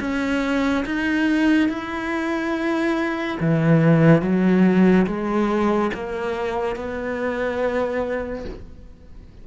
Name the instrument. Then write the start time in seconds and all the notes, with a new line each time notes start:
cello
0.00 C#4
0.85 D#4
1.69 E4
3.40 E3
4.21 F#3
5.06 G#3
5.94 A#3
6.76 B3